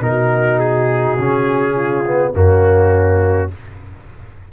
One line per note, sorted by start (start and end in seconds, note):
0.00 1.15 B2
0.00 1.17 D#4
0.00 1.75 F#4
0.00 0.59 A#4
0.59 2.32 G#4
1.18 2.33 C#3
1.18 2.04 C#4
1.75 2.32 F4
2.05 2.33 B3
2.33 3.49 F#2
2.33 3.48 A#3
2.33 3.52 C#4
2.33 3.51 F#4